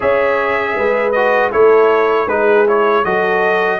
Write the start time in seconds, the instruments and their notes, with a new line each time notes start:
0.00 tuba C#4, trombone G#4, horn C#5, trumpet E5
0.75 tuba G#3, horn B4
1.12 trombone F#4, trumpet D#5
1.51 tuba A3, trombone E4, horn A4, trumpet C#5
2.27 tuba G#3, trombone D#4, horn G#4, trumpet B4
2.66 trombone E4, trumpet C#5
3.04 tuba F#3, trombone F#4, horn A4, trumpet D#5